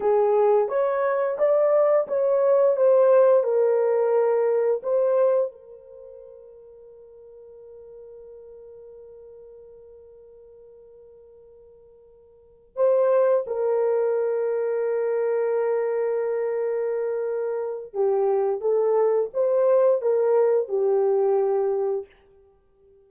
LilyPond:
\new Staff \with { instrumentName = "horn" } { \time 4/4 \tempo 4 = 87 gis'4 cis''4 d''4 cis''4 | c''4 ais'2 c''4 | ais'1~ | ais'1~ |
ais'2~ ais'8 c''4 ais'8~ | ais'1~ | ais'2 g'4 a'4 | c''4 ais'4 g'2 | }